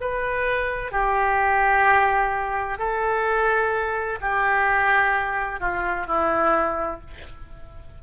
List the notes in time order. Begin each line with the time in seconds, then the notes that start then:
0.00 B4
0.91 G4
2.78 A4
4.21 G4
5.60 F4
6.06 E4